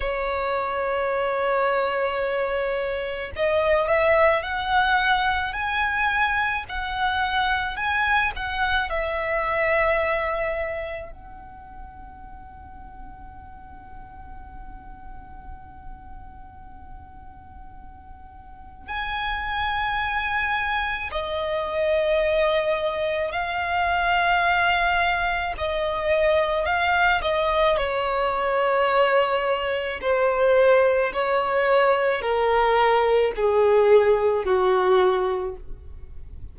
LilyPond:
\new Staff \with { instrumentName = "violin" } { \time 4/4 \tempo 4 = 54 cis''2. dis''8 e''8 | fis''4 gis''4 fis''4 gis''8 fis''8 | e''2 fis''2~ | fis''1~ |
fis''4 gis''2 dis''4~ | dis''4 f''2 dis''4 | f''8 dis''8 cis''2 c''4 | cis''4 ais'4 gis'4 fis'4 | }